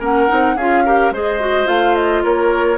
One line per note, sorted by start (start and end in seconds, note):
0.00 0.28 A#3
0.00 0.28 C#4
0.00 0.56 A#4
0.00 0.58 F#5
0.28 0.56 C4
0.28 0.56 D#4
0.56 1.11 C#4
0.56 0.86 F4
0.56 0.84 G#4
0.56 1.13 F5
0.86 1.14 G4
0.86 1.13 A#4
1.11 1.67 G#3
1.11 1.41 G#4
1.11 2.24 C5
1.11 1.68 D#5
1.41 1.66 F#4
1.66 2.23 A3
1.66 2.77 F4
1.66 1.95 F5
1.96 2.23 D#5
2.24 2.78 A#3
2.24 2.78 A#4
2.24 2.78 C#5